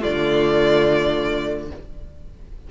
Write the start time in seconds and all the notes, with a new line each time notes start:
0.00 D3 A3 F4 D5